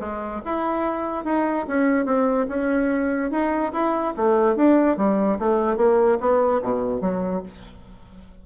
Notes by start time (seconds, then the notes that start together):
0.00 G#3
0.45 E4
1.25 D#4
1.67 C#4
2.06 C4
2.48 C#4
3.31 D#4
3.72 E4
4.17 A3
4.56 D4
4.97 G3
5.39 A3
5.77 A#3
6.20 B3
6.62 B2
7.01 F#3